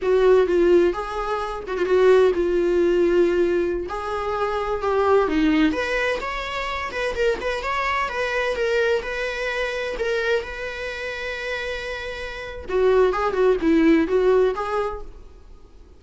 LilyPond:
\new Staff \with { instrumentName = "viola" } { \time 4/4 \tempo 4 = 128 fis'4 f'4 gis'4. fis'16 f'16 | fis'4 f'2.~ | f'16 gis'2 g'4 dis'8.~ | dis'16 b'4 cis''4. b'8 ais'8 b'16~ |
b'16 cis''4 b'4 ais'4 b'8.~ | b'4~ b'16 ais'4 b'4.~ b'16~ | b'2. fis'4 | gis'8 fis'8 e'4 fis'4 gis'4 | }